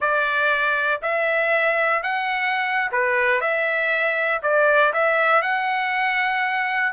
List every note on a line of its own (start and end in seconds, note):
0.00 1.01 D5
1.02 2.02 E5
2.02 2.91 F#5
2.91 3.40 B4
3.40 4.41 E5
4.42 4.93 D5
4.93 5.42 E5
5.42 6.92 F#5